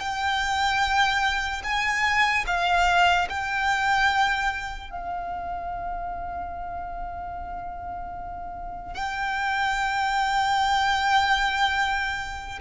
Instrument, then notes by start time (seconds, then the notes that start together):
violin
0.00 G5
1.64 G#5
2.47 F5
3.30 G5
4.91 F5
8.95 G5